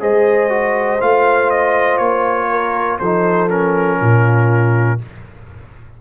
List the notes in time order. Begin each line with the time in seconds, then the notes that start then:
0.00 G#3 G#4 C5 D#5
0.49 F#4
1.00 A3 F4 F5
1.50 D#5
1.97 A#3 C#5
2.50 A#4
2.99 F3 D#4 A4 C5
3.49 C#4 A#4
4.00 A#2 F4